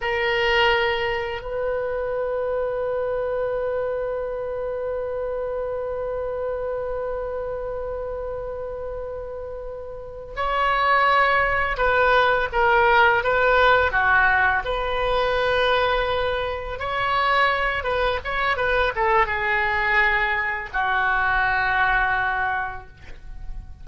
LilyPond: \new Staff \with { instrumentName = "oboe" } { \time 4/4 \tempo 4 = 84 ais'2 b'2~ | b'1~ | b'1~ | b'2~ b'8 cis''4.~ |
cis''8 b'4 ais'4 b'4 fis'8~ | fis'8 b'2. cis''8~ | cis''4 b'8 cis''8 b'8 a'8 gis'4~ | gis'4 fis'2. | }